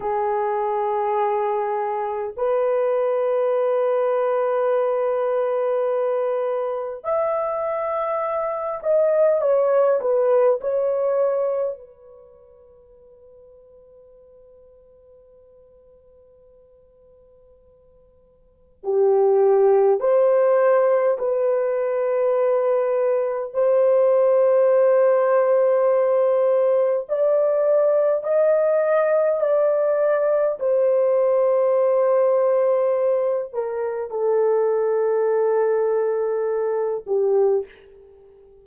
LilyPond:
\new Staff \with { instrumentName = "horn" } { \time 4/4 \tempo 4 = 51 gis'2 b'2~ | b'2 e''4. dis''8 | cis''8 b'8 cis''4 b'2~ | b'1 |
g'4 c''4 b'2 | c''2. d''4 | dis''4 d''4 c''2~ | c''8 ais'8 a'2~ a'8 g'8 | }